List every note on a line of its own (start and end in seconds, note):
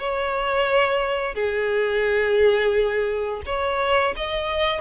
0.00 1.35 C#5
1.35 3.42 G#4
3.46 4.15 C#5
4.17 4.82 D#5